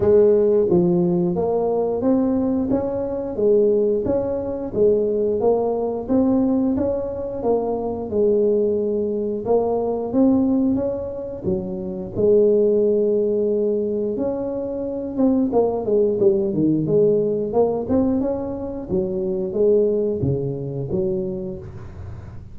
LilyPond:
\new Staff \with { instrumentName = "tuba" } { \time 4/4 \tempo 4 = 89 gis4 f4 ais4 c'4 | cis'4 gis4 cis'4 gis4 | ais4 c'4 cis'4 ais4 | gis2 ais4 c'4 |
cis'4 fis4 gis2~ | gis4 cis'4. c'8 ais8 gis8 | g8 dis8 gis4 ais8 c'8 cis'4 | fis4 gis4 cis4 fis4 | }